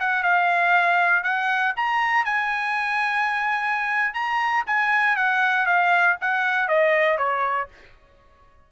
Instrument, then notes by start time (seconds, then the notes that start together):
trumpet
0.00 F#5
0.23 F5
1.24 F#5
1.76 A#5
2.25 G#5
4.14 A#5
4.67 G#5
5.17 F#5
5.67 F5
6.22 F#5
6.68 D#5
7.18 C#5